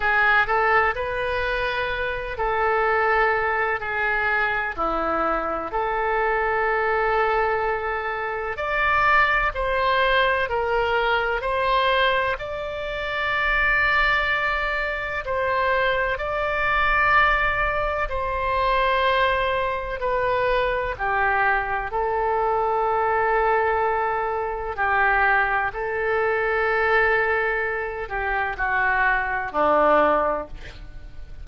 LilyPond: \new Staff \with { instrumentName = "oboe" } { \time 4/4 \tempo 4 = 63 gis'8 a'8 b'4. a'4. | gis'4 e'4 a'2~ | a'4 d''4 c''4 ais'4 | c''4 d''2. |
c''4 d''2 c''4~ | c''4 b'4 g'4 a'4~ | a'2 g'4 a'4~ | a'4. g'8 fis'4 d'4 | }